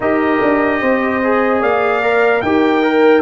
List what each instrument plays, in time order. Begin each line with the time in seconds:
0.00 tuba D#4, trombone G4, horn A#4, trumpet D#5
0.42 tuba D4
0.81 tuba C4, horn C5
1.23 trombone G#4
1.60 tuba A#3, horn D5, trumpet F5
2.02 trombone A#4
2.41 tuba D#4, trombone G4, horn A#4, trumpet G5
2.82 trombone A#4